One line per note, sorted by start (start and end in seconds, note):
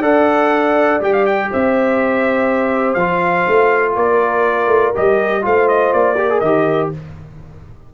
0.00 0.99 D4
0.00 1.00 A4
0.00 1.48 D5
0.00 1.01 F#5
1.00 1.49 G3
1.00 2.97 G4
1.00 1.13 G5
1.13 1.25 F5
1.26 1.50 G5
1.50 2.95 C4
1.50 3.94 C5
1.50 2.94 E5
2.94 3.44 F3
2.94 4.94 F4
2.94 3.92 F5
3.47 3.95 A3
3.94 4.66 A#3
3.94 5.41 A#4
3.94 4.94 D5
4.66 4.91 A3
4.94 5.45 G3
4.94 5.41 G4
4.94 5.45 D#5
5.41 5.93 A3
5.41 6.15 F4
5.41 6.17 C5
5.41 5.68 F5
5.68 5.93 D#5
5.93 6.41 A#3
5.93 6.39 D5
6.17 6.29 G4
6.17 6.90 A#4
6.29 6.42 G#4
6.39 6.90 D#3
6.39 6.93 G4
6.39 6.89 D#5